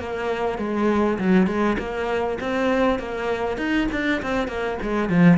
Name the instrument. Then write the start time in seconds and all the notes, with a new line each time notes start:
cello
0.00 A#3
0.59 G#3
1.19 F#3
1.47 G#3
1.79 A#3
2.40 C4
2.99 A#3
3.58 D#4
3.92 D4
4.22 C4
4.48 A#3
4.82 G#3
5.10 F3